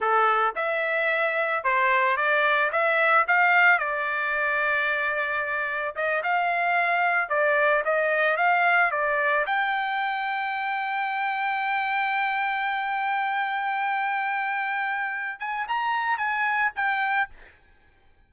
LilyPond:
\new Staff \with { instrumentName = "trumpet" } { \time 4/4 \tempo 4 = 111 a'4 e''2 c''4 | d''4 e''4 f''4 d''4~ | d''2. dis''8 f''8~ | f''4. d''4 dis''4 f''8~ |
f''8 d''4 g''2~ g''8~ | g''1~ | g''1~ | g''8 gis''8 ais''4 gis''4 g''4 | }